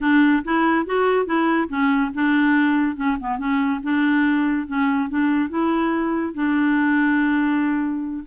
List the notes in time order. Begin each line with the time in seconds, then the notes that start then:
0.01 D4
0.44 E4
0.86 F#4
1.26 E4
1.68 C#4
2.14 D4
2.96 C#4
3.20 B3
3.38 C#4
3.83 D4
4.67 C#4
5.09 D4
5.49 E4
6.34 D4